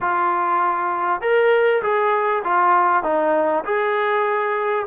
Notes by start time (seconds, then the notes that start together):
0.01 F4
1.21 A#4
1.82 G#4
2.44 F4
3.03 D#4
3.64 G#4